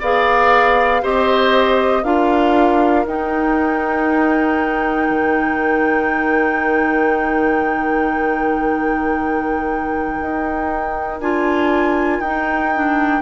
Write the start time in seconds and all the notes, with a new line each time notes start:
0.00 B3 G#4 D5 F5
1.02 C4 G4 C5 D#5
2.03 D4 F4 A#4 F5
3.06 D#4 G5
5.10 D#3
10.21 D#4
11.20 D4 F4 G#5
12.19 D#4 G5
12.74 D4